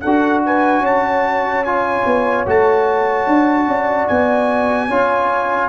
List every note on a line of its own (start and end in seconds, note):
0.00 0.79 D4
0.00 1.66 F#4
0.00 0.42 A4
0.00 0.41 F#5
0.46 0.81 B4
0.46 0.86 G#5
0.79 2.01 C#4
0.79 3.65 C#5
0.86 1.64 A5
1.64 2.46 F4
1.64 2.45 G#5
2.05 2.46 B3
2.46 3.27 A3
2.46 4.89 F#4
2.46 4.08 A5
3.27 3.67 D4
3.67 4.08 C#4
3.67 4.88 D5
4.08 4.89 B3
4.08 5.69 G#5
4.88 5.69 C#4
4.88 5.69 F4
4.88 5.69 C#5